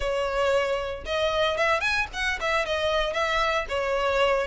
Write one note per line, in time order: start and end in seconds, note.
0.00 1.04 C#5
1.05 1.57 D#5
1.57 1.80 E5
1.80 2.06 G#5
2.13 2.39 F#5
2.40 2.65 E5
2.65 3.13 D#5
3.13 3.66 E5
3.68 4.47 C#5